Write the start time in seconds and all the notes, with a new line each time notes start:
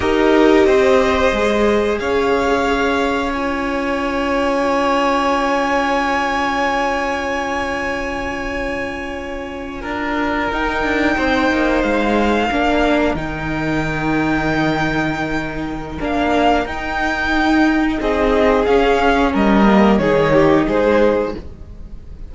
0.00 D#4 G4 A#4 D#5
0.65 C4 C5
1.32 G#3 G#4
1.99 C#4 C#5 F5
3.32 F4 G#5
9.81 D4 A#4
10.52 D#4 G5
10.83 D4
11.15 C4 C5
11.51 A#3
11.82 G#3 F5
12.48 A#3 D4 A#4
13.14 D#3 D#4 G5
16.00 A#3 D4 F5
16.65 D#4 G5
18.00 C4 G#4 D#5
18.65 C#4 F5
19.32 G3 A#4 D#5
19.66 A#3
19.98 D#3 D#4 G#4 C#5
20.33 G4
20.67 G#3 G#4 C5